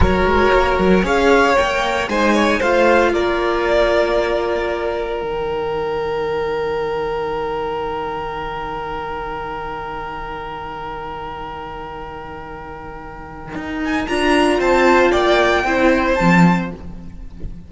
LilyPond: <<
  \new Staff \with { instrumentName = "violin" } { \time 4/4 \tempo 4 = 115 cis''2 f''4 g''4 | gis''4 f''4 d''2~ | d''2 g''2~ | g''1~ |
g''1~ | g''1~ | g''2~ g''8 gis''8 ais''4 | a''4 g''2 a''4 | }
  \new Staff \with { instrumentName = "violin" } { \time 4/4 ais'2 cis''2 | c''8 cis''8 c''4 ais'2~ | ais'1~ | ais'1~ |
ais'1~ | ais'1~ | ais'1 | c''4 d''4 c''2 | }
  \new Staff \with { instrumentName = "viola" } { \time 4/4 fis'2 gis'4 ais'4 | dis'4 f'2.~ | f'2 dis'2~ | dis'1~ |
dis'1~ | dis'1~ | dis'2. f'4~ | f'2 e'4 c'4 | }
  \new Staff \with { instrumentName = "cello" } { \time 4/4 fis8 gis8 ais8 fis8 cis'4 ais4 | gis4 a4 ais2~ | ais2 dis2~ | dis1~ |
dis1~ | dis1~ | dis2 dis'4 d'4 | c'4 ais4 c'4 f4 | }
>>